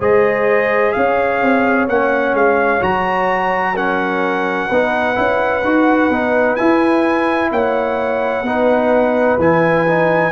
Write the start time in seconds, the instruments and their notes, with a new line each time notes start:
0.00 tuba G#3, trombone G#4, horn C5, trumpet D#5
0.93 tuba C#4, horn C#5, trumpet F5
1.42 tuba C4
1.88 tuba A#3, trombone C#4, trumpet F#5
2.34 tuba G#3, trumpet F5
2.81 tuba F#3, trombone F#4, trumpet A#5
3.75 trombone C#4, horn A#4, trumpet F#5
4.68 tuba B3, trombone D#4, horn B4
5.15 tuba C#4, trombone E4
5.64 tuba D#4, trombone F#4
6.10 tuba B3, trombone D#4
6.56 trombone E4, tuba E4, trumpet G#5
7.52 tuba A#3, horn C#5, trumpet F#5
8.43 tuba B3, trombone D#4, horn B4
9.38 tuba E3, trombone E4, trumpet G#5
9.88 trombone D#4